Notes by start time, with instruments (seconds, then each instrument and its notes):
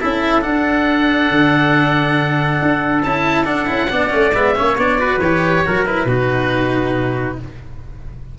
0.00 tuba C#4, cello E4, trumpet A4, oboe E5
0.41 cello D4, tuba D4, oboe F#5
1.31 tuba D3
2.62 tuba D4
3.03 tuba C#4, cello E4, oboe A5
3.45 cello D4, tuba D4, oboe F#5
3.66 tuba C#4, cello E4
3.90 tuba B3, cello D4, trumpet D5
4.10 tuba A3, cello C#4
4.35 tuba G#3, cello B3, oboe E5
4.55 tuba A#3, cello C#4, trumpet C#5
4.76 tuba B3, cello D4, oboe D5
4.99 cello F#4, trumpet B4
5.20 tuba E3, cello G4, oboe C#5
5.66 tuba F#3, cello F#4, trumpet A#4
5.86 cello E4, oboe B4
6.05 tuba B2, cello D#4, trumpet F#4